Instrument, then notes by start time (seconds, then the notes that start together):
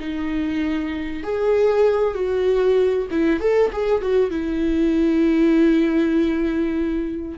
viola
0.00 D#4
1.23 G#4
2.15 F#4
3.11 E4
3.40 A4
3.73 G#4
4.02 F#4
4.31 E4